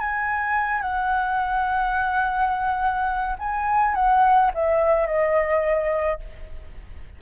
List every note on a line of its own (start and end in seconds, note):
0.00 0.82 G#5
0.82 3.37 F#5
3.40 3.95 G#5
3.95 4.51 F#5
4.55 5.07 E5
5.07 6.20 D#5